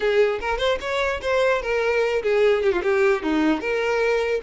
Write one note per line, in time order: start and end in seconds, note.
0.00 0.39 G#4
0.40 0.58 A#4
0.58 0.78 C5
0.80 1.20 C#5
1.21 1.61 C5
1.61 2.22 A#4
2.22 2.62 G#4
2.62 2.71 G4
2.71 2.82 F4
2.82 3.23 G4
3.23 3.60 D#4
3.60 4.41 A#4